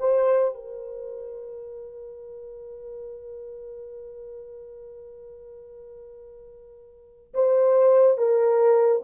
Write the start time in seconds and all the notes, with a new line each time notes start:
0.00 C5
0.55 A#4
7.34 C5
8.18 A#4